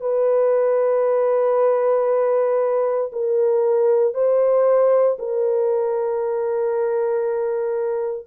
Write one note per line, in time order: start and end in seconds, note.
0.00 3.10 B4
3.12 4.13 A#4
4.13 5.17 C5
5.19 8.27 A#4